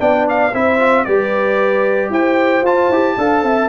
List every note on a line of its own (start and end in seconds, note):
0.00 0.54 B3
0.00 0.53 D4
0.00 0.53 D5
0.00 0.27 G5
0.30 0.55 F5
0.54 1.07 C4
0.54 0.79 E4
0.54 1.06 C5
0.54 1.05 E5
0.79 1.06 F4
1.05 2.10 G3
1.05 2.64 G4
1.05 2.12 B4
1.05 2.10 D5
2.10 2.63 E4
2.10 3.18 C5
2.10 2.66 G5
2.63 2.89 F4
2.63 2.93 F4
2.63 3.69 A5
2.90 3.16 E4
2.90 3.19 G4
3.18 3.43 D4
3.18 3.69 A4
3.18 3.45 F5
3.43 3.69 C4
3.43 3.69 E5